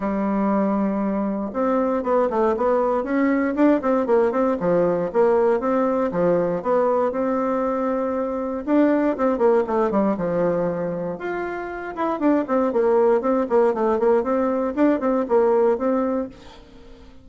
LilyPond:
\new Staff \with { instrumentName = "bassoon" } { \time 4/4 \tempo 4 = 118 g2. c'4 | b8 a8 b4 cis'4 d'8 c'8 | ais8 c'8 f4 ais4 c'4 | f4 b4 c'2~ |
c'4 d'4 c'8 ais8 a8 g8 | f2 f'4. e'8 | d'8 c'8 ais4 c'8 ais8 a8 ais8 | c'4 d'8 c'8 ais4 c'4 | }